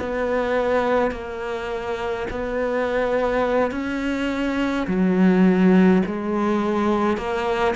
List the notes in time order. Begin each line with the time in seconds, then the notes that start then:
0.00 B3
1.12 A#3
2.31 B3
3.72 C#4
4.87 F#3
6.06 G#3
7.17 A#3